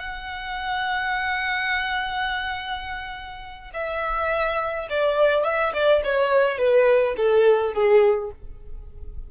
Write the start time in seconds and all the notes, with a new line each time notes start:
0.00 F#5
3.74 E5
4.90 D5
5.45 E5
5.74 D5
6.04 C#5
6.58 B4
7.17 A4
7.74 G#4